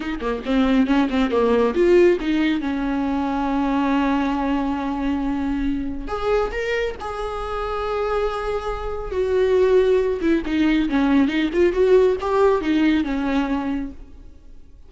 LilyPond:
\new Staff \with { instrumentName = "viola" } { \time 4/4 \tempo 4 = 138 dis'8 ais8 c'4 cis'8 c'8 ais4 | f'4 dis'4 cis'2~ | cis'1~ | cis'2 gis'4 ais'4 |
gis'1~ | gis'4 fis'2~ fis'8 e'8 | dis'4 cis'4 dis'8 f'8 fis'4 | g'4 dis'4 cis'2 | }